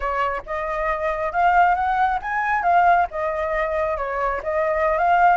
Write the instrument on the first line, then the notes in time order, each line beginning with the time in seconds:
flute
0.00 C#5
0.46 D#5
1.32 F5
1.74 F#5
2.21 G#5
2.62 F5
3.10 D#5
3.97 C#5
4.43 D#5
4.98 F5